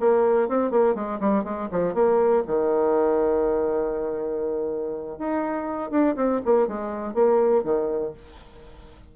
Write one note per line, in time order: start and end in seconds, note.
0.00 0.48 A#3
0.48 0.71 C4
0.71 0.95 A#3
0.95 1.19 G#3
1.20 1.44 G3
1.44 1.69 G#3
1.71 1.94 F3
1.94 2.44 A#3
2.47 5.19 D#3
5.19 5.91 D#4
5.91 6.16 D4
6.16 6.41 C4
6.45 6.68 A#3
6.68 7.14 G#3
7.14 7.63 A#3
7.63 8.13 D#3